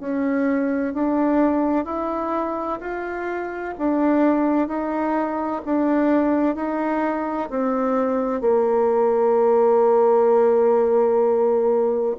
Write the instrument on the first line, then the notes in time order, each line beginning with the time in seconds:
bassoon
0.00 C#4
0.94 D4
1.85 E4
2.81 F4
3.78 D4
4.68 D#4
5.65 D4
6.55 D#4
7.50 C4
8.41 A#3